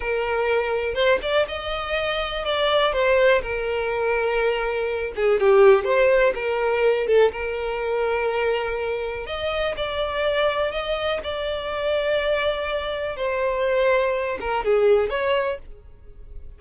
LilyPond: \new Staff \with { instrumentName = "violin" } { \time 4/4 \tempo 4 = 123 ais'2 c''8 d''8 dis''4~ | dis''4 d''4 c''4 ais'4~ | ais'2~ ais'8 gis'8 g'4 | c''4 ais'4. a'8 ais'4~ |
ais'2. dis''4 | d''2 dis''4 d''4~ | d''2. c''4~ | c''4. ais'8 gis'4 cis''4 | }